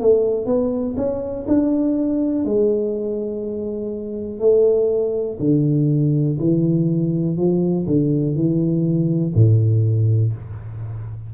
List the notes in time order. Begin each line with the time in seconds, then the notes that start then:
0.00 A3
0.46 B3
0.97 C#4
1.48 D4
2.45 G#3
4.39 A3
5.40 D3
6.39 E3
7.37 F3
7.87 D3
8.35 E3
9.34 A2